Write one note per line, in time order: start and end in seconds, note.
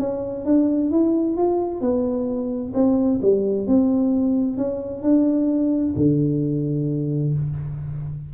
0.00 0.46 C#4
0.46 0.91 D4
0.91 1.37 E4
1.37 1.81 F4
1.81 2.73 B3
2.74 3.20 C4
3.22 3.68 G3
3.68 4.58 C4
4.58 5.03 C#4
5.03 5.94 D4
5.96 7.34 D3